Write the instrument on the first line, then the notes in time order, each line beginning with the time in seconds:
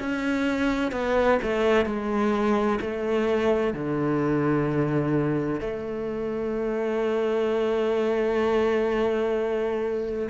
cello
0.00 C#4
0.92 B3
1.43 A3
1.86 G#3
2.81 A3
3.74 D3
5.61 A3